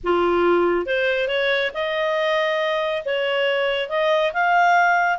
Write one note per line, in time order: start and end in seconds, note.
0.03 0.86 F4
0.86 1.28 C5
1.28 1.71 C#5
1.74 3.03 D#5
3.05 3.89 C#5
3.89 4.32 D#5
4.33 5.18 F5